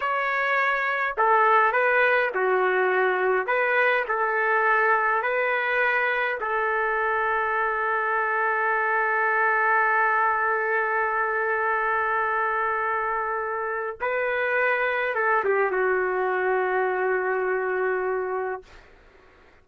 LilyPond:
\new Staff \with { instrumentName = "trumpet" } { \time 4/4 \tempo 4 = 103 cis''2 a'4 b'4 | fis'2 b'4 a'4~ | a'4 b'2 a'4~ | a'1~ |
a'1~ | a'1 | b'2 a'8 g'8 fis'4~ | fis'1 | }